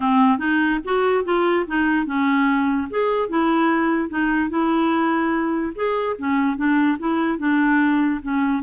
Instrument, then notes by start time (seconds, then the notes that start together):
clarinet
0.00 C4
0.38 D#4
0.84 F#4
1.24 F4
1.67 D#4
2.05 C#4
2.90 G#4
3.28 E4
4.09 D#4
4.49 E4
5.75 G#4
6.18 C#4
6.56 D4
6.98 E4
7.38 D4
8.22 C#4